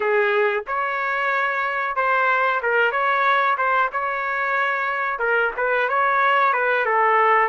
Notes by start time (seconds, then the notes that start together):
0.00 G#4
0.67 C#5
1.96 C5
2.62 A#4
2.91 C#5
3.57 C5
3.92 C#5
5.19 A#4
5.56 B4
5.88 C#5
6.53 B4
6.85 A4